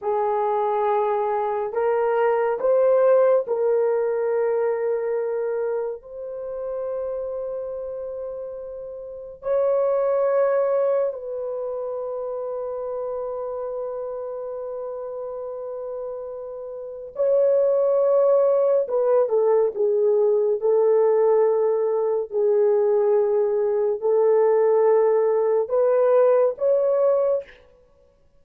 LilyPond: \new Staff \with { instrumentName = "horn" } { \time 4/4 \tempo 4 = 70 gis'2 ais'4 c''4 | ais'2. c''4~ | c''2. cis''4~ | cis''4 b'2.~ |
b'1 | cis''2 b'8 a'8 gis'4 | a'2 gis'2 | a'2 b'4 cis''4 | }